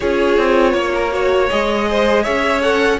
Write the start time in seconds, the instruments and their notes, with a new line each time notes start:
0.00 cello C#4, viola F4, violin G#4 C#5
0.37 cello C4
0.73 cello A#3, violin C#5
0.94 violin A#4
1.11 viola F#4, violin C#5
1.49 cello G#3, viola G#4, violin D#5
1.89 violin C5
2.22 cello C#4, violin C#5 E5
2.62 viola A4, violin F#5